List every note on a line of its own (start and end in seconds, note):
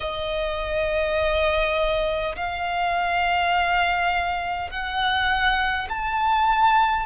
0.00 2.35 D#5
2.35 4.70 F5
4.70 5.88 F#5
5.89 7.06 A5